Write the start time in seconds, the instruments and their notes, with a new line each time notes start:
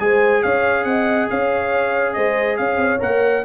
0.00 tuba G#3, trombone G#4, horn C5, trumpet G#5
0.43 tuba C#4, horn C#5, trumpet F5
0.84 tuba C4, horn D#5, trumpet F#5
1.30 tuba C#4, horn C#5, trumpet F5
2.14 tuba G#3, horn C5, trumpet D#5
2.57 tuba C#4, horn C#5, trumpet F5
2.77 tuba C4
3.00 tuba A#3, trombone A#4, trumpet F#5